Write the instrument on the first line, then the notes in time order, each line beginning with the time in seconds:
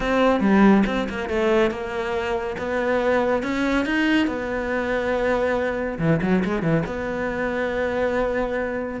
cello
0.00 C4
0.40 G3
0.86 C4
1.09 A#3
1.29 A3
1.70 A#3
2.58 B3
3.43 C#4
3.85 D#4
4.27 B3
5.98 E3
6.22 F#3
6.44 G#3
6.62 E3
6.86 B3